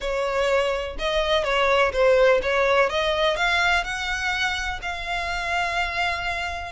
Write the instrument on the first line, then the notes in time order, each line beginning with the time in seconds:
violin
0.00 C#5
0.98 D#5
1.44 C#5
1.92 C5
2.42 C#5
2.89 D#5
3.36 F5
3.84 F#5
4.82 F5